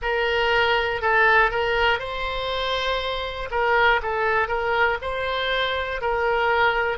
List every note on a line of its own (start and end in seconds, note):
0.02 1.01 A#4
1.01 1.50 A4
1.50 1.99 A#4
1.99 3.49 C5
3.50 4.00 A#4
4.02 4.47 A4
4.47 4.97 A#4
5.01 6.01 C5
6.01 6.98 A#4